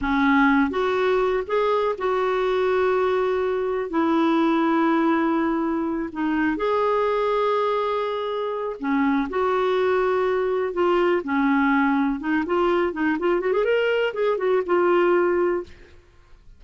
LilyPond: \new Staff \with { instrumentName = "clarinet" } { \time 4/4 \tempo 4 = 123 cis'4. fis'4. gis'4 | fis'1 | e'1~ | e'8 dis'4 gis'2~ gis'8~ |
gis'2 cis'4 fis'4~ | fis'2 f'4 cis'4~ | cis'4 dis'8 f'4 dis'8 f'8 fis'16 gis'16 | ais'4 gis'8 fis'8 f'2 | }